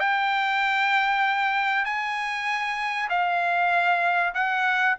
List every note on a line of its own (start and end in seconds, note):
0.00 1.85 G5
1.85 3.09 G#5
3.10 4.34 F5
4.34 4.96 F#5